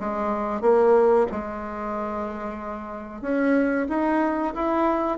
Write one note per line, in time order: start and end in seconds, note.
0.00 0.61 G#3
0.61 1.27 A#3
1.32 3.22 G#3
3.22 3.87 C#4
3.89 4.54 D#4
4.55 5.18 E4